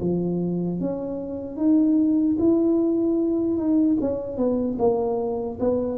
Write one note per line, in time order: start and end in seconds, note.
0.00 0.80 F3
0.80 1.57 C#4
1.57 2.37 D#4
2.39 3.57 E4
3.57 3.97 D#4
4.01 4.37 C#4
4.37 4.77 B3
4.79 5.59 A#3
5.60 5.98 B3